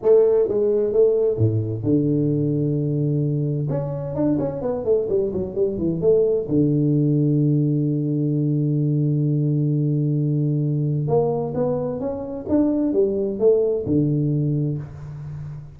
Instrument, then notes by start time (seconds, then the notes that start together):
tuba
0.02 A3
0.48 G#3
0.92 A3
1.37 A2
1.83 D3
3.69 C#4
4.15 D4
4.39 C#4
4.61 B3
4.84 A3
5.09 G3
5.33 F#3
5.54 G3
5.78 E3
6.00 A3
6.48 D3
11.07 A#3
11.54 B3
12.00 C#4
12.48 D4
12.93 G3
13.39 A3
13.85 D3